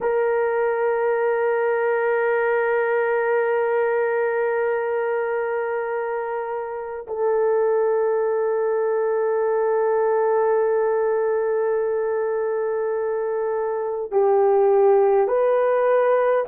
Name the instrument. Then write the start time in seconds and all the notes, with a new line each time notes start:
horn
0.00 A#4
7.07 A4
14.11 G4
15.27 B4